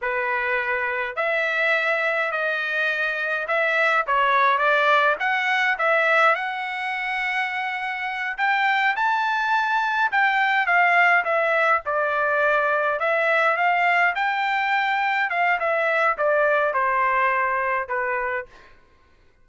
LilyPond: \new Staff \with { instrumentName = "trumpet" } { \time 4/4 \tempo 4 = 104 b'2 e''2 | dis''2 e''4 cis''4 | d''4 fis''4 e''4 fis''4~ | fis''2~ fis''8 g''4 a''8~ |
a''4. g''4 f''4 e''8~ | e''8 d''2 e''4 f''8~ | f''8 g''2 f''8 e''4 | d''4 c''2 b'4 | }